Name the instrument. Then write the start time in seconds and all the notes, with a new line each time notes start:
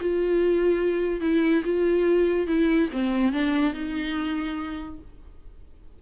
viola
0.00 F4
1.21 E4
1.64 F4
2.47 E4
2.92 C4
3.32 D4
3.73 D#4